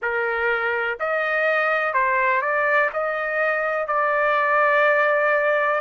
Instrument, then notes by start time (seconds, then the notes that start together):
trumpet
0.01 A#4
0.99 D#5
1.94 C5
2.41 D5
2.93 D#5
3.87 D5